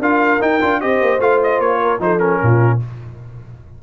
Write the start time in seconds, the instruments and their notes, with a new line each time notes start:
0.00 tuba D4, trombone F4, horn A#4, trumpet F5
0.41 trombone D#4, tuba D#4, trumpet G5
0.62 tuba D4, trombone F4
0.81 tuba C4, trombone G4, horn C5, trumpet D#5
1.02 tuba A#3
1.19 tuba A3, trombone F4, trumpet F5
1.44 trumpet D#5
1.60 tuba A#3, trumpet C#5
1.82 horn A#4
2.00 tuba F3, trombone D#4, horn A4, trumpet C5
2.20 trombone C#4, trumpet A#4
2.43 tuba A#2, horn F4